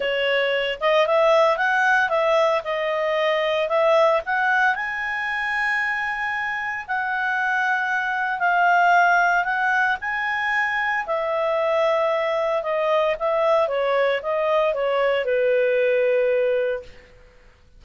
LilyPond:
\new Staff \with { instrumentName = "clarinet" } { \time 4/4 \tempo 4 = 114 cis''4. dis''8 e''4 fis''4 | e''4 dis''2 e''4 | fis''4 gis''2.~ | gis''4 fis''2. |
f''2 fis''4 gis''4~ | gis''4 e''2. | dis''4 e''4 cis''4 dis''4 | cis''4 b'2. | }